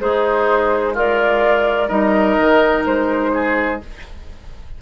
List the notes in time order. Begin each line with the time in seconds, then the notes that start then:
0.00 G#3 D#4 G#4 C5
0.94 F4 A#4 D5
1.88 G3 D#4 A#4 D#5
2.38 D#3
2.86 G#3 C5
3.34 G#4